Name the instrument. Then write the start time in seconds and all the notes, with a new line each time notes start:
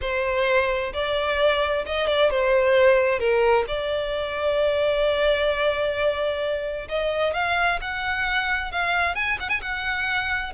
violin
0.01 C5
0.93 D5
1.85 D#5
2.07 D5
2.30 C5
3.19 A#4
3.67 D5
6.88 D#5
7.33 F5
7.81 F#5
8.71 F5
9.15 G#5
9.40 F#5
9.49 G#5
9.61 F#5